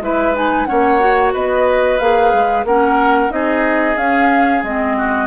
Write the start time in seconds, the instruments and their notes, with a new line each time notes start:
0.00 bassoon G#3, clarinet E4, oboe B4, flute E5
0.34 clarinet D#4, flute G#5
0.65 bassoon A#3, clarinet C#4, oboe C#5, flute F#5
1.00 clarinet F#4
1.33 bassoon B3, oboe B4, flute D#5
1.99 bassoon A#3, clarinet G#4, flute F5
2.33 bassoon G#3
2.64 bassoon A#3, clarinet C#4, oboe A#4, flute F#5
3.29 bassoon C4, clarinet D#4, oboe G#4, flute D#5
3.96 bassoon C#4, clarinet C#4, flute F5
4.63 bassoon G#3, clarinet C4, flute D#5
4.97 oboe F#4